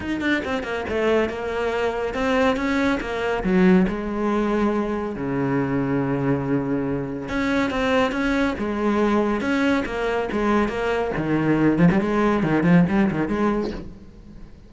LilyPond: \new Staff \with { instrumentName = "cello" } { \time 4/4 \tempo 4 = 140 dis'8 d'8 c'8 ais8 a4 ais4~ | ais4 c'4 cis'4 ais4 | fis4 gis2. | cis1~ |
cis4 cis'4 c'4 cis'4 | gis2 cis'4 ais4 | gis4 ais4 dis4. f16 g16 | gis4 dis8 f8 g8 dis8 gis4 | }